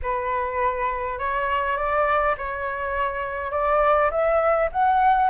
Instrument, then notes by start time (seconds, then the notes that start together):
flute
0.02 B4
1.18 C#5
1.76 D5
2.37 C#5
3.51 D5
4.10 E5
4.72 F#5